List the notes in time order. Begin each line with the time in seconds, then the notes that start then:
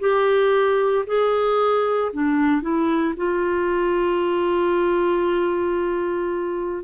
0.00 G4
1.07 G#4
2.13 D4
2.62 E4
3.17 F4